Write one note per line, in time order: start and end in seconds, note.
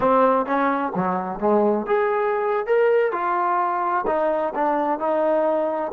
0.00 0.45 C4
0.45 0.92 C#4
0.95 1.39 F#3
1.39 1.86 G#3
1.86 2.66 G#4
2.66 3.12 A#4
3.12 4.05 F4
4.07 4.53 D#4
4.55 4.99 D4
4.99 5.92 D#4